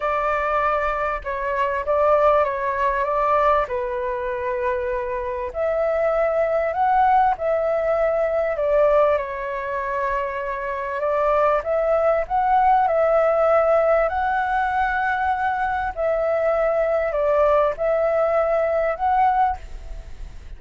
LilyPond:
\new Staff \with { instrumentName = "flute" } { \time 4/4 \tempo 4 = 98 d''2 cis''4 d''4 | cis''4 d''4 b'2~ | b'4 e''2 fis''4 | e''2 d''4 cis''4~ |
cis''2 d''4 e''4 | fis''4 e''2 fis''4~ | fis''2 e''2 | d''4 e''2 fis''4 | }